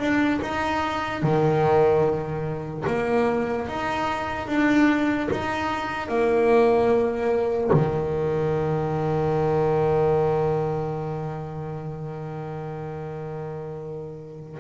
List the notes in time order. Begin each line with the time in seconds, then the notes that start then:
0.00 D4
0.42 D#4
1.23 D#3
2.87 A#3
3.68 D#4
4.48 D4
5.31 D#4
6.08 A#3
7.73 D#3